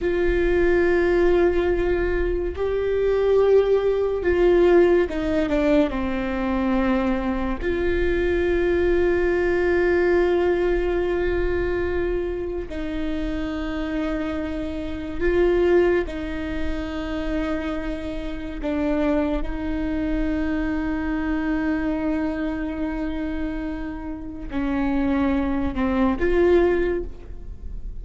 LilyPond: \new Staff \with { instrumentName = "viola" } { \time 4/4 \tempo 4 = 71 f'2. g'4~ | g'4 f'4 dis'8 d'8 c'4~ | c'4 f'2.~ | f'2. dis'4~ |
dis'2 f'4 dis'4~ | dis'2 d'4 dis'4~ | dis'1~ | dis'4 cis'4. c'8 f'4 | }